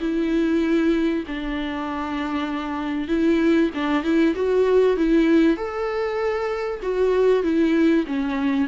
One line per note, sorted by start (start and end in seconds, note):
0.00 1.24 E4
1.27 3.08 D4
3.08 3.70 E4
3.74 4.03 D4
4.03 4.34 E4
4.35 4.97 F#4
4.97 5.56 E4
5.56 6.80 A4
6.82 7.43 F#4
7.43 8.05 E4
8.06 8.68 C#4